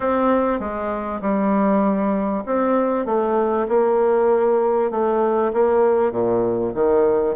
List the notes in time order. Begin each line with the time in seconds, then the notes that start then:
0.00 C4
0.59 G#3
1.21 G3
2.46 C4
3.05 A3
3.68 A#3
4.91 A3
5.53 A#3
6.11 A#2
6.74 D#3